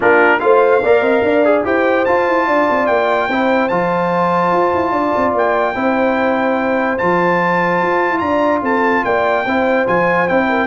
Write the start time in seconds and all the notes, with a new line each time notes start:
0.00 A#3 D4 F4 A#4
0.39 A3 F4 C5 F5
0.82 A#3 A#4 D5
1.01 C4 D#5
1.23 D4 D5
1.44 G#4
1.64 E4 G4 C5 G5
2.05 F4 A5
2.28 E4
2.47 D4 D5
2.69 C4
2.86 A#3 G5
3.28 C4 E4 C5
3.68 F3 F4 A5
4.52 F4
4.73 E4
4.91 D4 D5
5.16 C4
5.33 A#3 G5
5.73 C4 E4 C5
6.98 F3 F4 A5
7.81 F4
8.10 E4
8.18 D4 D5 A#5
8.62 C4 A4 A5
9.04 A#3 D5 G5
9.45 C4 E4 C5
9.86 F3 F4 G#5
10.27 C4 E4 G5
10.48 A#4